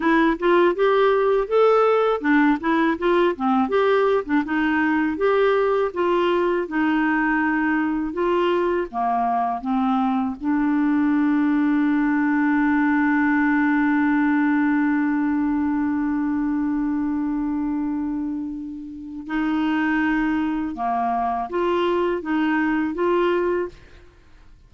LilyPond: \new Staff \with { instrumentName = "clarinet" } { \time 4/4 \tempo 4 = 81 e'8 f'8 g'4 a'4 d'8 e'8 | f'8 c'8 g'8. d'16 dis'4 g'4 | f'4 dis'2 f'4 | ais4 c'4 d'2~ |
d'1~ | d'1~ | d'2 dis'2 | ais4 f'4 dis'4 f'4 | }